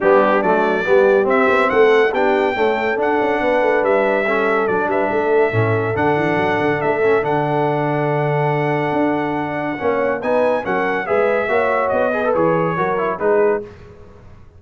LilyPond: <<
  \new Staff \with { instrumentName = "trumpet" } { \time 4/4 \tempo 4 = 141 g'4 d''2 e''4 | fis''4 g''2 fis''4~ | fis''4 e''2 d''8 e''8~ | e''2 fis''2 |
e''4 fis''2.~ | fis''1 | gis''4 fis''4 e''2 | dis''4 cis''2 b'4 | }
  \new Staff \with { instrumentName = "horn" } { \time 4/4 d'2 g'2 | a'4 g'4 a'2 | b'2 a'4. b'8 | a'1~ |
a'1~ | a'2. cis''4 | b'4 ais'4 b'4 cis''4~ | cis''8 b'4. ais'4 gis'4 | }
  \new Staff \with { instrumentName = "trombone" } { \time 4/4 b4 a4 b4 c'4~ | c'4 d'4 a4 d'4~ | d'2 cis'4 d'4~ | d'4 cis'4 d'2~ |
d'8 cis'8 d'2.~ | d'2. cis'4 | dis'4 cis'4 gis'4 fis'4~ | fis'8 gis'16 a'16 gis'4 fis'8 e'8 dis'4 | }
  \new Staff \with { instrumentName = "tuba" } { \time 4/4 g4 fis4 g4 c'8 b8 | a4 b4 cis'4 d'8 cis'8 | b8 a8 g2 fis8 g8 | a4 a,4 d8 e8 fis8 d8 |
a4 d2.~ | d4 d'2 ais4 | b4 fis4 gis4 ais4 | b4 e4 fis4 gis4 | }
>>